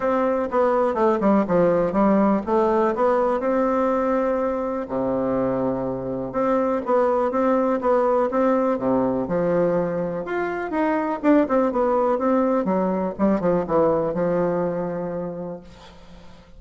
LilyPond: \new Staff \with { instrumentName = "bassoon" } { \time 4/4 \tempo 4 = 123 c'4 b4 a8 g8 f4 | g4 a4 b4 c'4~ | c'2 c2~ | c4 c'4 b4 c'4 |
b4 c'4 c4 f4~ | f4 f'4 dis'4 d'8 c'8 | b4 c'4 fis4 g8 f8 | e4 f2. | }